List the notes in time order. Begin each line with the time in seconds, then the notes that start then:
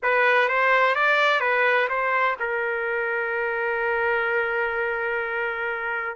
0.02 B4
0.48 C5
0.95 D5
1.40 B4
1.89 C5
2.39 A#4